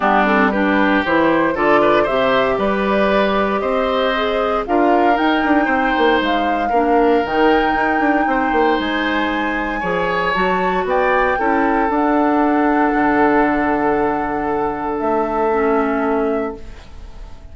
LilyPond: <<
  \new Staff \with { instrumentName = "flute" } { \time 4/4 \tempo 4 = 116 g'8 a'8 b'4 c''4 d''4 | e''4 d''2 dis''4~ | dis''4 f''4 g''2 | f''2 g''2~ |
g''4 gis''2. | a''4 g''2 fis''4~ | fis''1~ | fis''4 e''2. | }
  \new Staff \with { instrumentName = "oboe" } { \time 4/4 d'4 g'2 a'8 b'8 | c''4 b'2 c''4~ | c''4 ais'2 c''4~ | c''4 ais'2. |
c''2. cis''4~ | cis''4 d''4 a'2~ | a'1~ | a'1 | }
  \new Staff \with { instrumentName = "clarinet" } { \time 4/4 b8 c'8 d'4 e'4 f'4 | g'1 | gis'4 f'4 dis'2~ | dis'4 d'4 dis'2~ |
dis'2. gis'4 | fis'2 e'4 d'4~ | d'1~ | d'2 cis'2 | }
  \new Staff \with { instrumentName = "bassoon" } { \time 4/4 g2 e4 d4 | c4 g2 c'4~ | c'4 d'4 dis'8 d'8 c'8 ais8 | gis4 ais4 dis4 dis'8 d'8 |
c'8 ais8 gis2 f4 | fis4 b4 cis'4 d'4~ | d'4 d2.~ | d4 a2. | }
>>